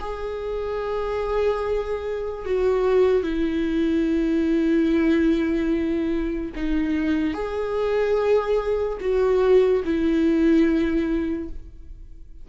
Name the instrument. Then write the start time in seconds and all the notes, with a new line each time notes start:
viola
0.00 G#4
2.45 F#4
3.23 E4
6.56 D#4
7.34 G#4
9.01 F#4
9.85 E4